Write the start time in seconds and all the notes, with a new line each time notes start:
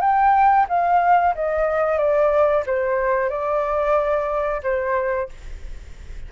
0.00 G5
0.68 F5
1.35 D#5
1.98 D5
2.66 C5
3.29 D5
4.63 C5